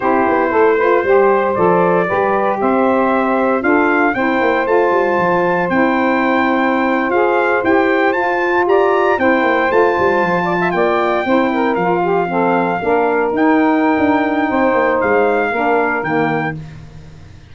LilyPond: <<
  \new Staff \with { instrumentName = "trumpet" } { \time 4/4 \tempo 4 = 116 c''2. d''4~ | d''4 e''2 f''4 | g''4 a''2 g''4~ | g''4.~ g''16 f''4 g''4 a''16~ |
a''8. ais''4 g''4 a''4~ a''16~ | a''8. g''2 f''4~ f''16~ | f''4.~ f''16 g''2~ g''16~ | g''4 f''2 g''4 | }
  \new Staff \with { instrumentName = "saxophone" } { \time 4/4 g'4 a'8 b'8 c''2 | b'4 c''2 a'4 | c''1~ | c''1~ |
c''8. d''4 c''2~ c''16~ | c''16 d''16 e''16 d''4 c''8 ais'4 g'8 a'16~ | a'8. ais'2.~ ais'16 | c''2 ais'2 | }
  \new Staff \with { instrumentName = "saxophone" } { \time 4/4 e'4. f'8 g'4 a'4 | g'2. f'4 | e'4 f'2 e'4~ | e'4.~ e'16 gis'4 g'4 f'16~ |
f'4.~ f'16 e'4 f'4~ f'16~ | f'4.~ f'16 e'4 f'4 c'16~ | c'8. d'4 dis'2~ dis'16~ | dis'2 d'4 ais4 | }
  \new Staff \with { instrumentName = "tuba" } { \time 4/4 c'8 b8 a4 g4 f4 | g4 c'2 d'4 | c'8 ais8 a8 g8 f4 c'4~ | c'4.~ c'16 f'4 e'4 f'16~ |
f'8. g'4 c'8 ais8 a8 g8 f16~ | f8. ais4 c'4 f4~ f16~ | f8. ais4 dis'4~ dis'16 d'4 | c'8 ais8 gis4 ais4 dis4 | }
>>